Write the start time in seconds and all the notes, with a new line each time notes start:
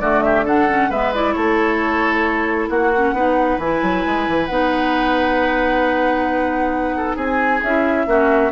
0.00 D3 A3 F#4 D5
0.23 G4 E5
0.45 D4 A4 F#5
0.68 C#4
0.90 G#3 B3 B4 E5
1.14 E4 D5
1.33 A3 A4 C#5
2.69 A#3 F#4 F#5
2.95 C#4
3.13 B3 D#4 B4
3.58 E3 E4 G#5
3.82 F#3
4.06 G#3
4.28 E3
4.46 B3 D#4 F#5
6.96 A4
7.16 C4 G#4 G#5
7.63 C#4 E4 E5
8.06 A#3 C#4 F#4